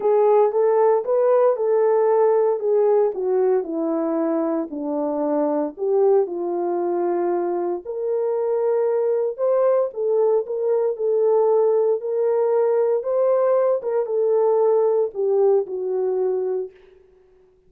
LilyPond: \new Staff \with { instrumentName = "horn" } { \time 4/4 \tempo 4 = 115 gis'4 a'4 b'4 a'4~ | a'4 gis'4 fis'4 e'4~ | e'4 d'2 g'4 | f'2. ais'4~ |
ais'2 c''4 a'4 | ais'4 a'2 ais'4~ | ais'4 c''4. ais'8 a'4~ | a'4 g'4 fis'2 | }